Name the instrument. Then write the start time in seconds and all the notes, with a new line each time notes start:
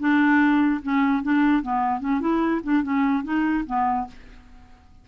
clarinet
0.00 D4
0.83 C#4
1.23 D4
1.63 B3
2.01 C#4
2.21 E4
2.64 D4
2.83 C#4
3.24 D#4
3.67 B3